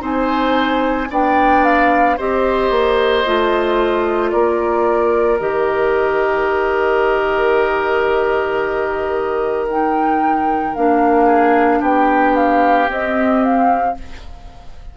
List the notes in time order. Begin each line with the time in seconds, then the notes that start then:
0.00 C4 D#4 C5 G#5
1.11 B3 D4 D5 G5
1.65 F5
2.18 C4 G4 C5 D#5
2.71 A#3
3.26 A3 F4
4.31 A#3 A#4 D5
5.39 D#3 G4 D#5
9.70 D#4 G5
10.75 A#3 D4 F5
11.26 G#4
11.81 B3 G4 G5
12.36 F5
12.87 C4 D#5
13.44 F5